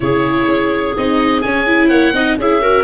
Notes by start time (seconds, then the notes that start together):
0.00 C#3 E4 G#4 C#5
0.47 C#4
0.96 C4 D#4 D#5
1.41 C#4 G#5
1.66 E4
1.88 A#3 C#5 F#5
2.12 C4 D#4 D#5
2.37 C#4 E4 G#4 E5
2.61 F#4 A#4